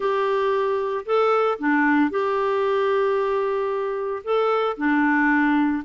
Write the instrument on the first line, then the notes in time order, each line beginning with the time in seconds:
clarinet
0.00 G4
1.05 A4
1.58 D4
2.10 G4
4.23 A4
4.77 D4